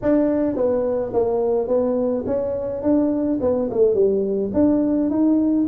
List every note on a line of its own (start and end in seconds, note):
0.02 0.56 D4
0.56 1.12 B3
1.13 1.67 A#3
1.67 2.24 B3
2.26 2.82 C#4
2.82 3.39 D4
3.40 3.69 B3
3.70 3.94 A3
3.94 4.51 G3
4.53 5.10 D4
5.10 5.66 D#4